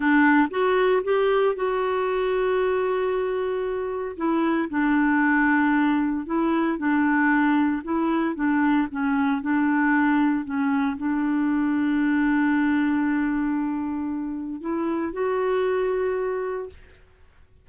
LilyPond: \new Staff \with { instrumentName = "clarinet" } { \time 4/4 \tempo 4 = 115 d'4 fis'4 g'4 fis'4~ | fis'1 | e'4 d'2. | e'4 d'2 e'4 |
d'4 cis'4 d'2 | cis'4 d'2.~ | d'1 | e'4 fis'2. | }